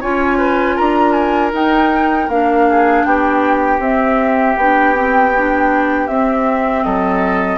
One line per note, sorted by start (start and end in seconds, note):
0.00 0.78 C#4
0.00 1.53 F4
0.00 0.37 C#5
0.00 0.77 G#5
0.37 0.75 B4
0.75 1.53 D4
0.75 2.65 A#4
0.75 1.12 A#5
1.12 1.50 G#5
1.53 2.28 D#4
1.53 2.30 G5
2.28 3.04 A#3
2.28 3.80 D4
2.28 3.04 F5
2.69 3.06 G#4
3.04 3.79 B3
3.04 6.84 G4
3.04 3.80 G5
3.79 4.55 C4
3.79 4.56 C4
3.79 4.57 E5
4.57 6.09 B3
4.57 4.94 D4
4.57 6.07 G5
4.94 5.32 C4
5.37 6.09 D4
6.07 6.84 C4
6.07 7.58 C4
6.07 6.83 E5
6.83 7.58 F#3
6.83 7.58 A4
6.83 7.58 D#5